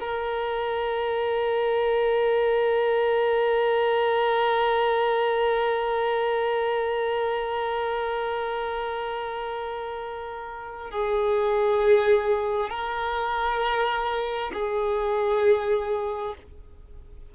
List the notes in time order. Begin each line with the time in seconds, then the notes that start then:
0.00 A#4
10.91 G#4
12.70 A#4
14.53 G#4